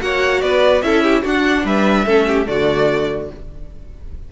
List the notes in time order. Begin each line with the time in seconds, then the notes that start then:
0.00 A#3 F#4 C#5 F#5
0.42 B3 B4 D5
0.82 C#4 E4 A4 E5
1.03 G4
1.23 D4 F#4 F#5
1.65 G3 B4 E5
2.05 A3 C#4 A4
2.27 G4
2.46 D3 A3 F#4 D5